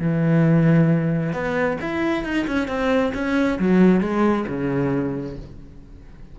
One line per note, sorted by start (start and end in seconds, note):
0.00 1.33 E3
1.33 1.78 B3
1.81 2.24 E4
2.24 2.46 D#4
2.47 2.68 C#4
2.68 3.13 C4
3.14 3.59 C#4
3.59 4.01 F#3
4.01 4.45 G#3
4.48 5.37 C#3